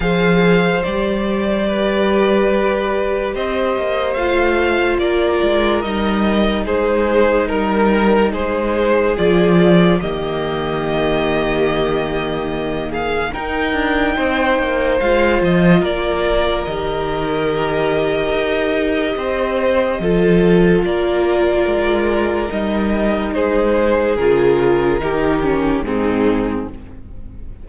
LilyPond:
<<
  \new Staff \with { instrumentName = "violin" } { \time 4/4 \tempo 4 = 72 f''4 d''2. | dis''4 f''4 d''4 dis''4 | c''4 ais'4 c''4 d''4 | dis''2.~ dis''8 f''8 |
g''2 f''8 dis''8 d''4 | dis''1~ | dis''4 d''2 dis''4 | c''4 ais'2 gis'4 | }
  \new Staff \with { instrumentName = "violin" } { \time 4/4 c''2 b'2 | c''2 ais'2 | gis'4 ais'4 gis'2 | g'2.~ g'8 gis'8 |
ais'4 c''2 ais'4~ | ais'2. c''4 | a'4 ais'2. | gis'2 g'4 dis'4 | }
  \new Staff \with { instrumentName = "viola" } { \time 4/4 gis'4 g'2.~ | g'4 f'2 dis'4~ | dis'2. f'4 | ais1 |
dis'2 f'2 | g'1 | f'2. dis'4~ | dis'4 f'4 dis'8 cis'8 c'4 | }
  \new Staff \with { instrumentName = "cello" } { \time 4/4 f4 g2. | c'8 ais8 a4 ais8 gis8 g4 | gis4 g4 gis4 f4 | dis1 |
dis'8 d'8 c'8 ais8 gis8 f8 ais4 | dis2 dis'4 c'4 | f4 ais4 gis4 g4 | gis4 cis4 dis4 gis,4 | }
>>